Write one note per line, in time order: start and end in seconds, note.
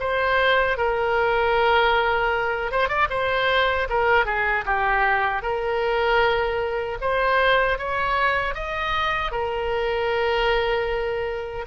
0.00 0.78 C5
0.78 2.72 A#4
2.72 2.89 C5
2.89 3.08 D5
3.10 3.88 C5
3.90 4.26 A#4
4.26 4.65 G#4
4.66 5.42 G4
5.42 6.98 A#4
7.01 7.79 C5
7.79 8.55 C#5
8.55 9.32 D#5
9.32 11.66 A#4